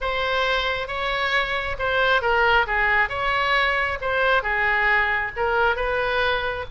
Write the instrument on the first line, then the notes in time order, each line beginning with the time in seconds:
oboe
0.00 C5
0.87 C#5
1.78 C5
2.21 A#4
2.66 G#4
3.09 C#5
4.01 C5
4.42 G#4
5.36 A#4
5.76 B4